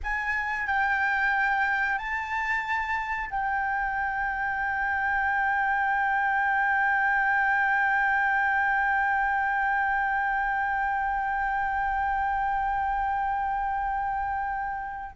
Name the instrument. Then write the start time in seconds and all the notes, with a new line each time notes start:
flute
0.03 G#5
0.66 G5
1.98 A5
3.30 G5